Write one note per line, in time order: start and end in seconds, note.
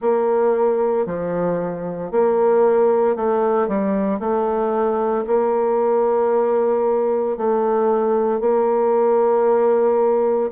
0.01 1.05 A#3
1.05 2.11 F3
2.11 3.16 A#3
3.16 3.67 A3
3.67 4.19 G3
4.19 5.24 A3
5.26 7.37 A#3
7.37 8.40 A3
8.40 10.50 A#3